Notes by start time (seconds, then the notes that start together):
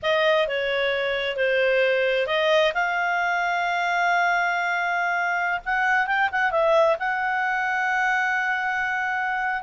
0.02 D#5
0.47 C#5
1.36 C5
2.27 D#5
2.74 F5
5.65 F#5
6.06 G5
6.31 F#5
6.51 E5
6.99 F#5